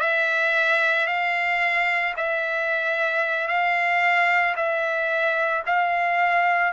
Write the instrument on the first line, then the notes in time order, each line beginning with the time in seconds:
trumpet
0.00 E5
1.07 F5
2.17 E5
3.48 F5
4.56 E5
5.66 F5